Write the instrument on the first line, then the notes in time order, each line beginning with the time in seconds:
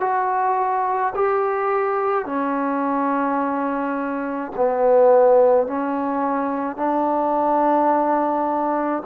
trombone
0.00 F#4
1.15 G4
2.25 C#4
4.56 B3
5.67 C#4
6.76 D4